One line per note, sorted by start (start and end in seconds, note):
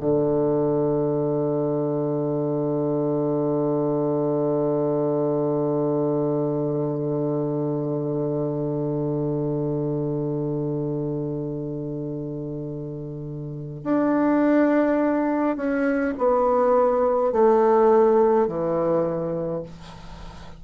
0.00 13.84 D3
13.84 15.57 D4
15.57 16.15 C#4
16.18 17.33 B3
17.33 18.48 A3
18.48 19.63 E3